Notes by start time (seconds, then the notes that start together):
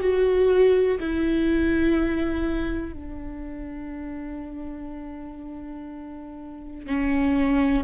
0.00 F#4
1.00 E4
2.93 D4
6.86 C#4